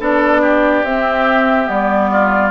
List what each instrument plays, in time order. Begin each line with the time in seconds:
0.00 bassoon B3, clarinet D4, oboe A4, flute D5
0.42 oboe G4
0.84 bassoon C4, clarinet C4, flute E5
1.65 bassoon G3, clarinet B3, flute D5
2.12 oboe F4